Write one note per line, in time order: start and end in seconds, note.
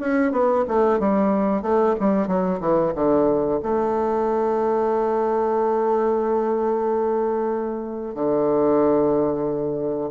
0.00 0.32 C#4
0.32 0.65 B3
0.68 1.00 A3
1.00 1.62 G3
1.62 1.95 A3
2.00 2.28 G3
2.28 2.60 F#3
2.60 2.93 E3
2.95 3.60 D3
3.63 8.15 A3
8.15 10.11 D3